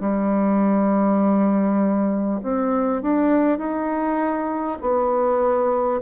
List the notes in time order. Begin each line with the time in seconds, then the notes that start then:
0.00 G3
2.42 C4
3.02 D4
3.58 D#4
4.81 B3